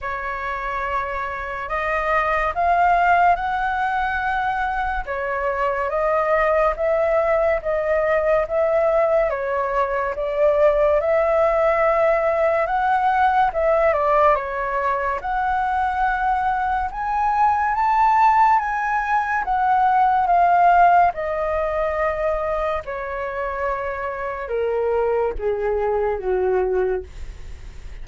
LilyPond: \new Staff \with { instrumentName = "flute" } { \time 4/4 \tempo 4 = 71 cis''2 dis''4 f''4 | fis''2 cis''4 dis''4 | e''4 dis''4 e''4 cis''4 | d''4 e''2 fis''4 |
e''8 d''8 cis''4 fis''2 | gis''4 a''4 gis''4 fis''4 | f''4 dis''2 cis''4~ | cis''4 ais'4 gis'4 fis'4 | }